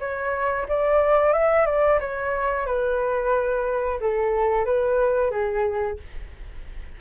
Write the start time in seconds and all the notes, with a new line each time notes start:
0.00 C#5
0.69 D5
1.33 E5
1.66 D5
2.00 C#5
2.66 B4
4.01 A4
4.65 B4
5.31 G#4